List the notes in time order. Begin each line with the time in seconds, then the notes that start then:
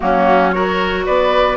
0.00 F#3 A#3 C#4 F#4
0.51 F#4 A#4 C#5
1.05 B3 B4 D5